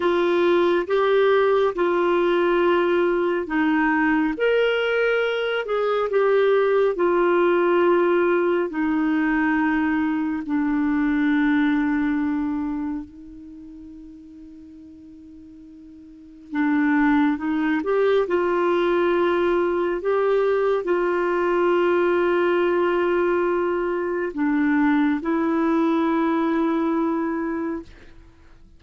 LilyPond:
\new Staff \with { instrumentName = "clarinet" } { \time 4/4 \tempo 4 = 69 f'4 g'4 f'2 | dis'4 ais'4. gis'8 g'4 | f'2 dis'2 | d'2. dis'4~ |
dis'2. d'4 | dis'8 g'8 f'2 g'4 | f'1 | d'4 e'2. | }